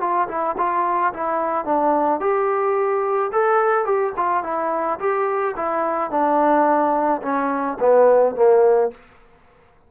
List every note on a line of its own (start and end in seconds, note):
0.00 0.28 F4
0.28 0.56 E4
0.57 1.13 F4
1.13 1.65 E4
1.65 2.20 D4
2.20 3.31 G4
3.32 3.85 A4
3.85 4.13 G4
4.17 4.43 F4
4.43 4.99 E4
4.99 5.55 G4
5.56 6.10 E4
6.10 7.21 D4
7.22 7.78 C#4
7.80 8.35 B3
8.35 8.91 A#3